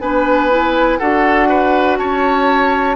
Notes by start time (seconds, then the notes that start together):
0.00 B3 D4 B4 G#5
0.50 E4
0.99 D4 F#4 A4 F#5
1.49 B4
1.97 C#4 C#5 A5